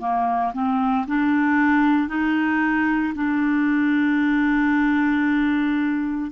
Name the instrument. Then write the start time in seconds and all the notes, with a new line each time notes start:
clarinet
0.00 A#3
0.53 C4
1.07 D4
2.08 D#4
3.15 D4